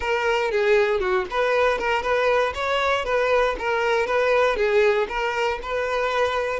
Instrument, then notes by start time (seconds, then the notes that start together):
violin
0.00 A#4
0.51 G#4
1.00 F#4
1.30 B4
1.78 A#4
2.02 B4
2.54 C#5
3.05 B4
3.58 A#4
4.06 B4
4.56 G#4
5.08 A#4
5.62 B4